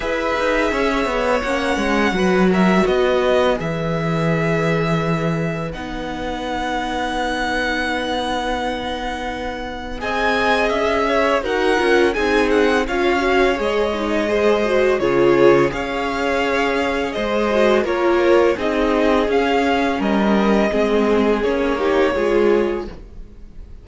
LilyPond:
<<
  \new Staff \with { instrumentName = "violin" } { \time 4/4 \tempo 4 = 84 e''2 fis''4. e''8 | dis''4 e''2. | fis''1~ | fis''2 gis''4 e''4 |
fis''4 gis''8 fis''8 f''4 dis''4~ | dis''4 cis''4 f''2 | dis''4 cis''4 dis''4 f''4 | dis''2 cis''2 | }
  \new Staff \with { instrumentName = "violin" } { \time 4/4 b'4 cis''2 b'8 ais'8 | b'1~ | b'1~ | b'2 dis''4. cis''8 |
ais'4 gis'4 cis''2 | c''4 gis'4 cis''2 | c''4 ais'4 gis'2 | ais'4 gis'4. g'8 gis'4 | }
  \new Staff \with { instrumentName = "viola" } { \time 4/4 gis'2 cis'4 fis'4~ | fis'4 gis'2. | dis'1~ | dis'2 gis'2 |
fis'8 f'8 dis'4 f'8 fis'8 gis'8 dis'8 | gis'8 fis'8 f'4 gis'2~ | gis'8 fis'8 f'4 dis'4 cis'4~ | cis'4 c'4 cis'8 dis'8 f'4 | }
  \new Staff \with { instrumentName = "cello" } { \time 4/4 e'8 dis'8 cis'8 b8 ais8 gis8 fis4 | b4 e2. | b1~ | b2 c'4 cis'4 |
dis'8 cis'8 c'4 cis'4 gis4~ | gis4 cis4 cis'2 | gis4 ais4 c'4 cis'4 | g4 gis4 ais4 gis4 | }
>>